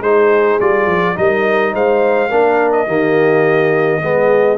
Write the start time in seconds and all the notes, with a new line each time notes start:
0.00 G#3 D#4 G#4 C5
0.60 G3 F4 D5
0.86 F3
1.15 G3 D#4 A#4 D#5
1.73 G#3 C5 F5
2.29 A#3 D4 A#4
2.72 D#5
2.87 D#3 A#3 G4
4.02 G#3 B3 G#4